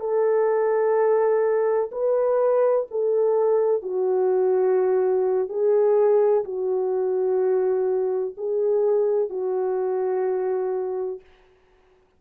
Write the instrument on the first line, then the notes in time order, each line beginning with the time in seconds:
horn
0.00 A4
1.91 B4
2.91 A4
3.82 F#4
5.48 G#4
6.44 F#4
8.37 G#4
9.29 F#4